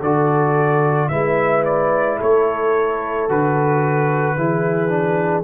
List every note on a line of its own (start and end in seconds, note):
0.00 1.10 D3
0.00 1.11 F#4
0.00 1.09 A4
0.00 1.08 D5
1.08 2.19 G#3
1.08 3.29 E4
1.08 2.18 B4
1.08 1.63 E5
1.65 2.19 D5
2.18 3.29 A3
2.18 4.36 A4
2.18 3.30 C#5
3.29 4.36 D3
3.29 4.37 F#4
3.29 5.44 B4
4.36 5.44 E3
4.36 4.89 E4
4.36 5.44 G#4
4.89 5.43 D4